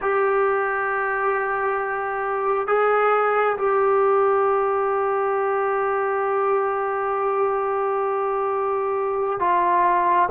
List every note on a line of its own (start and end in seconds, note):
0.01 2.67 G4
2.67 3.56 G#4
3.57 9.39 G4
9.39 10.29 F4